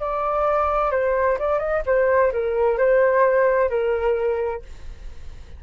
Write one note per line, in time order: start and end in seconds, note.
0.00 0.91 D5
0.91 1.37 C5
1.39 1.59 D5
1.59 1.82 D#5
1.85 2.32 C5
2.32 2.78 A#4
2.78 3.69 C5
3.69 4.62 A#4